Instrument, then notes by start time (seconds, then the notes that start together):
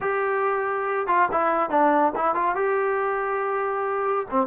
trombone
0.00 G4
1.07 F4
1.31 E4
1.69 D4
2.15 E4
2.35 F4
2.55 G4
4.30 C4